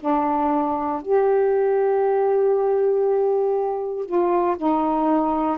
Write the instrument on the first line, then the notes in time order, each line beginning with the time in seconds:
saxophone
0.00 D4
1.02 G4
4.05 F4
4.57 D#4